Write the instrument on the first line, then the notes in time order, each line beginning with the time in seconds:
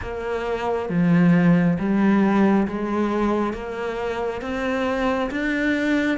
cello
0.01 A#3
0.89 F3
1.79 G3
2.67 G#3
3.53 A#3
4.41 C4
5.30 D4